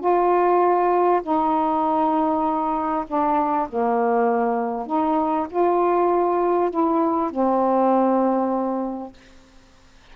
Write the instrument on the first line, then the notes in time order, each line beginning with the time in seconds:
saxophone
0.00 F4
1.23 D#4
3.07 D4
3.69 A#3
4.87 D#4
5.50 F4
6.71 E4
7.31 C4